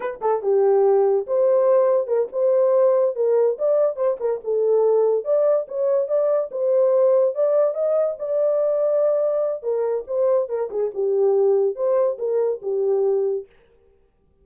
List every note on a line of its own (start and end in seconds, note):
0.00 0.20 B4
0.21 0.42 A4
0.42 1.26 G4
1.26 2.07 C5
2.07 2.28 A#4
2.32 3.15 C5
3.15 3.57 A#4
3.58 3.96 D5
3.96 4.17 C5
4.19 4.40 A#4
4.44 5.24 A4
5.24 5.66 D5
5.68 6.07 C#5
6.07 6.49 D5
6.51 7.34 C5
7.34 7.74 D5
7.74 8.16 D#5
8.19 9.62 D5
9.62 10.04 A#4
10.07 10.48 C5
10.48 10.69 A#4
10.70 10.91 G#4
10.94 11.75 G4
11.75 12.17 C5
12.18 12.60 A#4
12.62 13.46 G4